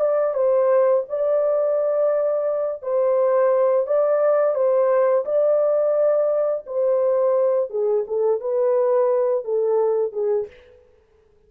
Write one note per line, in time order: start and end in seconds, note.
0.00 0.34 D5
0.34 1.04 C5
1.09 2.82 D5
2.82 3.87 C5
3.87 4.55 D5
4.55 5.25 C5
5.25 6.65 D5
6.67 7.70 C5
7.70 8.05 G#4
8.07 8.40 A4
8.40 9.44 B4
9.44 10.13 A4
10.13 10.47 G#4